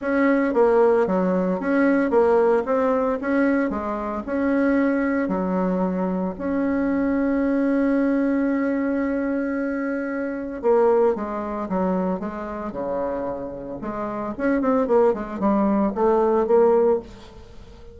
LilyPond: \new Staff \with { instrumentName = "bassoon" } { \time 4/4 \tempo 4 = 113 cis'4 ais4 fis4 cis'4 | ais4 c'4 cis'4 gis4 | cis'2 fis2 | cis'1~ |
cis'1 | ais4 gis4 fis4 gis4 | cis2 gis4 cis'8 c'8 | ais8 gis8 g4 a4 ais4 | }